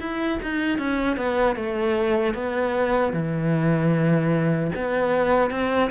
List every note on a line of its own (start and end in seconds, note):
0.00 0.39 E4
0.43 0.79 D#4
0.79 1.17 C#4
1.17 1.56 B3
1.56 2.34 A3
2.34 3.13 B3
3.14 4.72 E3
4.76 5.51 B3
5.51 5.90 C4